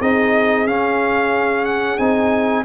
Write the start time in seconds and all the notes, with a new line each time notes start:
0.00 C4 D#4 G#4 D#5
0.66 C#4 F5
1.65 F#5
1.98 C4 D#4 G#5